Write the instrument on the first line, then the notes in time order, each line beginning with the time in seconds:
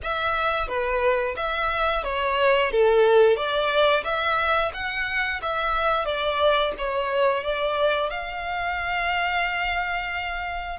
violin
0.02 E5
0.67 B4
1.36 E5
2.03 C#5
2.71 A4
3.36 D5
4.04 E5
4.73 F#5
5.41 E5
6.05 D5
6.78 C#5
7.43 D5
8.09 F5